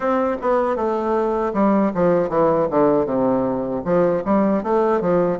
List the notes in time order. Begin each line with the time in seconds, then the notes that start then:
0.00 C4
0.41 B3
0.76 A3
1.53 G3
1.94 F3
2.29 E3
2.70 D3
3.05 C3
3.84 F3
4.24 G3
4.63 A3
5.00 F3